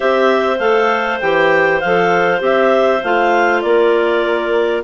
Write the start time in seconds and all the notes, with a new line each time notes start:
0.00 C4 G4 C5 E5
0.58 A3 A4 F5
1.20 E3 G4 G5
1.80 F3 A4 F5
2.39 C4 G4 E5
3.03 A3 F4 F5
3.61 A#3 A#4 D5